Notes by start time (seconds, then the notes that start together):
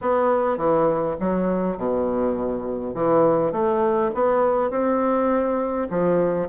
0.01 B3
0.57 E3
1.20 F#3
1.77 B2
2.94 E3
3.52 A3
4.14 B3
4.70 C4
5.90 F3